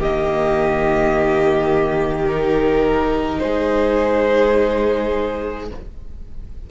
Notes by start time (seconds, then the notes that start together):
0.00 D#3 A#3 G4 D#5
2.27 D#4 A#4
3.39 G#3 G#4 C5